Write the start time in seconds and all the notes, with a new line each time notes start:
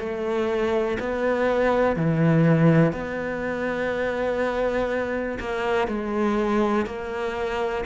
0.00 A3
1.00 B3
1.97 E3
2.93 B3
5.40 A#3
5.88 G#3
6.87 A#3